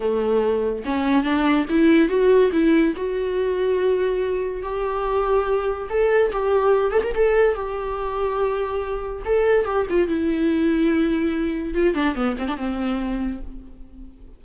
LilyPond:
\new Staff \with { instrumentName = "viola" } { \time 4/4 \tempo 4 = 143 a2 cis'4 d'4 | e'4 fis'4 e'4 fis'4~ | fis'2. g'4~ | g'2 a'4 g'4~ |
g'8 a'16 ais'16 a'4 g'2~ | g'2 a'4 g'8 f'8 | e'1 | f'8 d'8 b8 c'16 d'16 c'2 | }